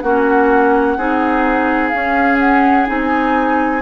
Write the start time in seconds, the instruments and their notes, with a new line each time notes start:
0.00 bassoon A#3, clarinet C#4, oboe F#4, flute F#5
0.97 bassoon C4, clarinet D#4, oboe G#4
1.88 clarinet C#4, bassoon C#4, flute F5
2.38 flute F#5
2.86 bassoon C4, clarinet D#4, flute G#5